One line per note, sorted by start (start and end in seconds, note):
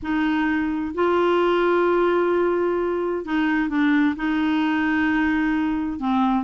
0.02 0.94 D#4
0.94 3.25 F4
3.25 3.69 D#4
3.69 4.15 D4
4.15 5.99 D#4
5.99 6.44 C4